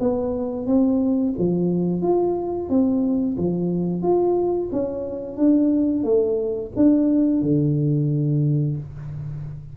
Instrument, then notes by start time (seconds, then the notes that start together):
tuba
0.00 B3
0.66 C4
1.39 F3
2.02 F4
2.69 C4
3.37 F3
4.02 F4
4.72 C#4
5.37 D4
6.04 A3
6.76 D4
7.42 D3